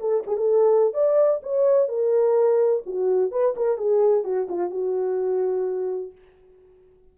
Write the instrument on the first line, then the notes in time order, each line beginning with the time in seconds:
horn
0.00 A4
0.27 G#4
0.37 A4
0.94 D5
1.43 C#5
1.88 A#4
2.86 F#4
3.31 B4
3.56 A#4
3.78 G#4
4.24 F#4
4.49 F4
4.70 F#4